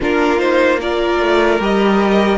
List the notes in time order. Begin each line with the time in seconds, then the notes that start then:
0.00 A#3 D4 F4 A#4
0.38 D#4 C5
0.81 F4 A#4 D5
1.20 A3
1.60 G3 G4 D#5